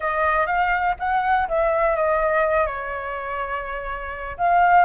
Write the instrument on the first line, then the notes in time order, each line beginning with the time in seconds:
flute
0.00 D#5
0.46 F5
0.99 F#5
1.48 E5
1.95 D#5
2.66 C#5
4.37 F5